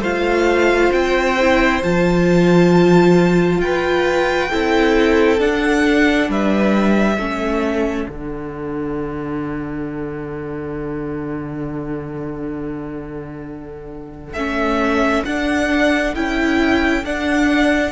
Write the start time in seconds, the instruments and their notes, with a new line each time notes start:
0.00 cello A3, viola F4, violin C5 F5
0.92 cello C4, violin G5
1.40 viola E4
1.83 cello F3, viola F4, violin A5
3.59 cello F4, violin B4 G5
4.50 cello C4, viola E4, violin A4
5.39 viola D4, cello D4, violin F#5
6.28 cello G3, violin B4 E5
7.17 cello A3, viola C#4, violin A4
8.08 cello D3, viola D4, violin F#5
14.33 cello A3, viola C#4, violin E5
15.25 cello D4, viola D4, violin F#5
16.15 cello C#4, viola E4, violin G5
17.04 cello D4, viola D4, violin F#5